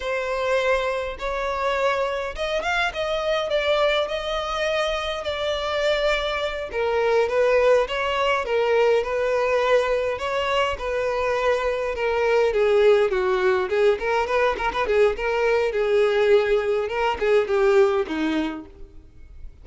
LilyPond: \new Staff \with { instrumentName = "violin" } { \time 4/4 \tempo 4 = 103 c''2 cis''2 | dis''8 f''8 dis''4 d''4 dis''4~ | dis''4 d''2~ d''8 ais'8~ | ais'8 b'4 cis''4 ais'4 b'8~ |
b'4. cis''4 b'4.~ | b'8 ais'4 gis'4 fis'4 gis'8 | ais'8 b'8 ais'16 b'16 gis'8 ais'4 gis'4~ | gis'4 ais'8 gis'8 g'4 dis'4 | }